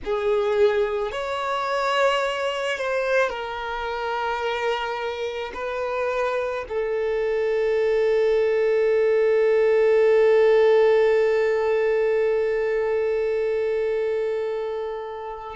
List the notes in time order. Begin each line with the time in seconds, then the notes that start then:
0.04 G#4
1.11 C#5
2.77 C5
3.29 A#4
5.54 B4
6.68 A4